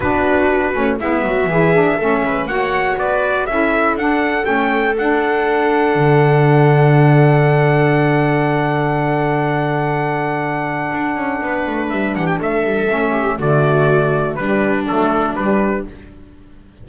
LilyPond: <<
  \new Staff \with { instrumentName = "trumpet" } { \time 4/4 \tempo 4 = 121 b'2 e''2~ | e''4 fis''4 d''4 e''4 | fis''4 g''4 fis''2~ | fis''1~ |
fis''1~ | fis''1 | e''8 fis''16 g''16 e''2 d''4~ | d''4 b'4 a'4 b'4 | }
  \new Staff \with { instrumentName = "viola" } { \time 4/4 fis'2 e'8 fis'8 gis'4 | a'8 b'8 cis''4 b'4 a'4~ | a'1~ | a'1~ |
a'1~ | a'2. b'4~ | b'8 g'8 a'4. g'8 fis'4~ | fis'4 d'2. | }
  \new Staff \with { instrumentName = "saxophone" } { \time 4/4 d'4. cis'8 b4 e'8 d'8 | cis'4 fis'2 e'4 | d'4 cis'4 d'2~ | d'1~ |
d'1~ | d'1~ | d'2 cis'4 a4~ | a4 g4 a4 g4 | }
  \new Staff \with { instrumentName = "double bass" } { \time 4/4 b4. a8 gis8 fis8 e4 | a8 gis8 ais4 b4 cis'4 | d'4 a4 d'2 | d1~ |
d1~ | d2 d'8 cis'8 b8 a8 | g8 e8 a8 g8 a4 d4~ | d4 g4 fis4 g4 | }
>>